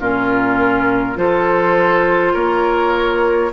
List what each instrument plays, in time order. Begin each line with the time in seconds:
0.00 bassoon A#2, clarinet C#4, oboe F4, flute A#4
1.16 bassoon F3, clarinet F4, oboe A4, flute C5
2.34 bassoon A#3, oboe A#4, flute C#5